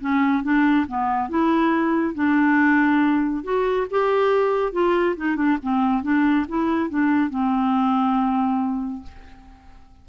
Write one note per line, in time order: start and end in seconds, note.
0.00 0.43 C#4
0.43 0.86 D4
0.87 1.29 B3
1.29 2.14 E4
2.14 3.43 D4
3.43 3.86 F#4
3.90 4.72 G4
4.72 5.15 F4
5.16 5.36 D#4
5.36 5.57 D4
5.62 6.03 C4
6.03 6.46 D4
6.48 6.89 E4
6.89 7.30 D4
7.30 9.02 C4